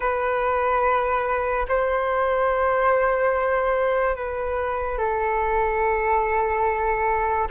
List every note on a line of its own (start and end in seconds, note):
0.00 1.66 B4
1.68 4.15 C5
4.15 4.98 B4
4.98 7.48 A4